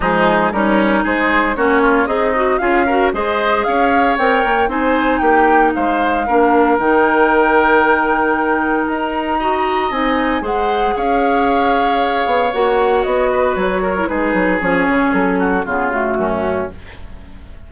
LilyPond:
<<
  \new Staff \with { instrumentName = "flute" } { \time 4/4 \tempo 4 = 115 gis'4 ais'4 c''4 cis''4 | dis''4 f''4 dis''4 f''4 | g''4 gis''4 g''4 f''4~ | f''4 g''2.~ |
g''4 ais''2 gis''4 | fis''4 f''2. | fis''4 dis''4 cis''4 b'4 | cis''4 a'4 gis'8 fis'4. | }
  \new Staff \with { instrumentName = "oboe" } { \time 4/4 dis'4 cis'4 gis'4 fis'8 f'8 | dis'4 gis'8 ais'8 c''4 cis''4~ | cis''4 c''4 g'4 c''4 | ais'1~ |
ais'2 dis''2 | c''4 cis''2.~ | cis''4. b'4 ais'8 gis'4~ | gis'4. fis'8 f'4 cis'4 | }
  \new Staff \with { instrumentName = "clarinet" } { \time 4/4 gis4 dis'2 cis'4 | gis'8 fis'8 f'8 fis'8 gis'2 | ais'4 dis'2. | d'4 dis'2.~ |
dis'2 fis'4 dis'4 | gis'1 | fis'2~ fis'8. e'16 dis'4 | cis'2 b8 a4. | }
  \new Staff \with { instrumentName = "bassoon" } { \time 4/4 f4 g4 gis4 ais4 | c'4 cis'4 gis4 cis'4 | c'8 ais8 c'4 ais4 gis4 | ais4 dis2.~ |
dis4 dis'2 c'4 | gis4 cis'2~ cis'8 b8 | ais4 b4 fis4 gis8 fis8 | f8 cis8 fis4 cis4 fis,4 | }
>>